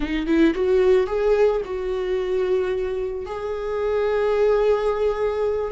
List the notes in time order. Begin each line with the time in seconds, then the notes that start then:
0.00 D#4
0.26 E4
0.54 F#4
1.07 G#4
1.64 F#4
3.26 G#4